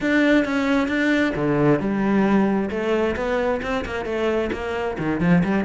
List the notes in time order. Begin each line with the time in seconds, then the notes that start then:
0.01 D4
0.44 C#4
0.88 D4
1.35 D3
1.79 G3
2.70 A3
3.15 B3
3.62 C4
3.85 A#3
4.05 A3
4.52 A#3
4.98 D#3
5.20 F3
5.44 G3